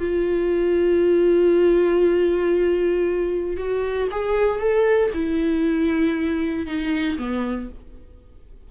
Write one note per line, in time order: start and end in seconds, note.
0.00 3.57 F4
3.57 4.09 F#4
4.12 4.60 G#4
4.60 5.11 A4
5.14 6.67 E4
6.67 7.18 D#4
7.18 7.70 B3